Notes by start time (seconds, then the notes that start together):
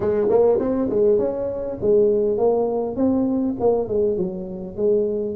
0.00 G#3
0.29 A#3
0.59 C4
0.89 G#3
1.18 C#4
1.81 G#3
2.37 A#3
2.95 C4
3.59 A#3
3.87 G#3
4.17 F#3
4.76 G#3